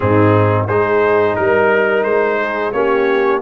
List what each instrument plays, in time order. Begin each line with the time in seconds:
0.00 tuba G#2, trombone C4, horn D#4, trumpet G#4
0.67 tuba G#3, trombone D#4, horn G#4, trumpet C5
1.35 tuba G3, trumpet A#4, horn A#4
2.03 tuba G#3, trumpet C5
2.39 horn G#4
2.72 tuba A#3, trombone C#4, horn G4, trumpet C#5